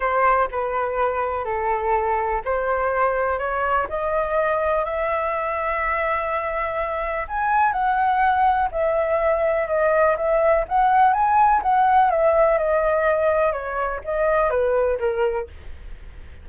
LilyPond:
\new Staff \with { instrumentName = "flute" } { \time 4/4 \tempo 4 = 124 c''4 b'2 a'4~ | a'4 c''2 cis''4 | dis''2 e''2~ | e''2. gis''4 |
fis''2 e''2 | dis''4 e''4 fis''4 gis''4 | fis''4 e''4 dis''2 | cis''4 dis''4 b'4 ais'4 | }